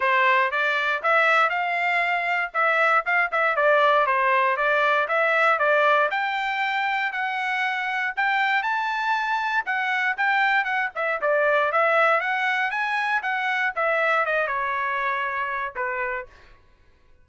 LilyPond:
\new Staff \with { instrumentName = "trumpet" } { \time 4/4 \tempo 4 = 118 c''4 d''4 e''4 f''4~ | f''4 e''4 f''8 e''8 d''4 | c''4 d''4 e''4 d''4 | g''2 fis''2 |
g''4 a''2 fis''4 | g''4 fis''8 e''8 d''4 e''4 | fis''4 gis''4 fis''4 e''4 | dis''8 cis''2~ cis''8 b'4 | }